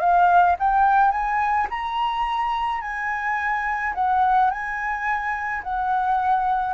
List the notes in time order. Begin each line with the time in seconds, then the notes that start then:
0.00 F5
0.59 G5
1.11 G#5
1.70 A#5
2.81 G#5
3.95 F#5
4.50 G#5
5.63 F#5